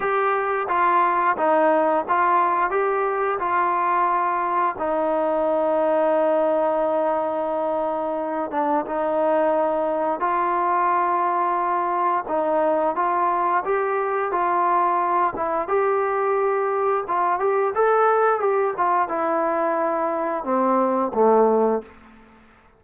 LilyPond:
\new Staff \with { instrumentName = "trombone" } { \time 4/4 \tempo 4 = 88 g'4 f'4 dis'4 f'4 | g'4 f'2 dis'4~ | dis'1~ | dis'8 d'8 dis'2 f'4~ |
f'2 dis'4 f'4 | g'4 f'4. e'8 g'4~ | g'4 f'8 g'8 a'4 g'8 f'8 | e'2 c'4 a4 | }